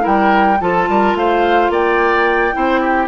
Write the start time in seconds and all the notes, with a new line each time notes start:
0.00 G3 E4 A#4 G5
0.60 F3 F4 A4 A5
0.88 G3 A#4
1.14 A3 C5 F5
1.69 A#3 D5 G5
2.52 C4 E4 C5
2.81 G4